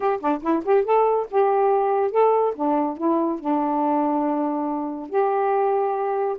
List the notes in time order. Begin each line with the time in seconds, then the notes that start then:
0.00 G4
0.20 D4
0.42 E4
0.64 G4
0.84 A4
1.31 G4
2.11 A4
2.55 D4
2.97 E4
3.39 D4
5.09 G4